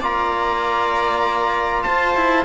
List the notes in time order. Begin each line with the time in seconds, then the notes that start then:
0.00 A#3 F4 D5 A#5
1.83 F4 C5 A5
2.16 E4